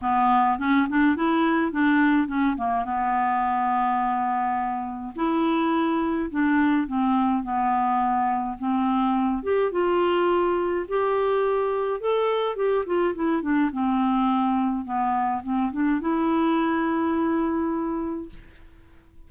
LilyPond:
\new Staff \with { instrumentName = "clarinet" } { \time 4/4 \tempo 4 = 105 b4 cis'8 d'8 e'4 d'4 | cis'8 ais8 b2.~ | b4 e'2 d'4 | c'4 b2 c'4~ |
c'8 g'8 f'2 g'4~ | g'4 a'4 g'8 f'8 e'8 d'8 | c'2 b4 c'8 d'8 | e'1 | }